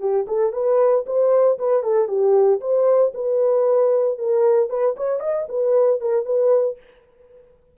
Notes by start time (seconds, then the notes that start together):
0.00 G4
0.28 A4
0.53 B4
1.06 C5
1.59 B4
1.83 A4
2.08 G4
2.61 C5
3.14 B4
4.18 A#4
4.70 B4
4.97 C#5
5.20 D#5
5.49 B4
6.01 A#4
6.26 B4